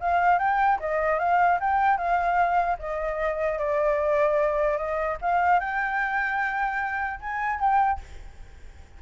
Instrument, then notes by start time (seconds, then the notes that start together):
flute
0.00 F5
0.38 G5
0.80 D#5
1.19 F5
1.60 G5
1.97 F5
2.79 D#5
3.58 D5
4.77 D#5
5.21 F5
5.60 G5
7.20 G#5
7.59 G5